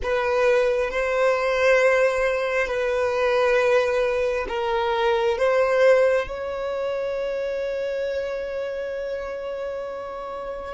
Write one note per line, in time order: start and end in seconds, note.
0.02 0.90 B4
0.90 2.67 C5
2.67 4.46 B4
4.48 5.37 A#4
5.37 6.27 C5
6.27 10.73 C#5